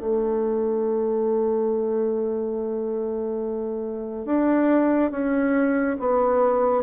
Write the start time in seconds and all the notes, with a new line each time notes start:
0.00 A3
4.25 D4
5.11 C#4
6.00 B3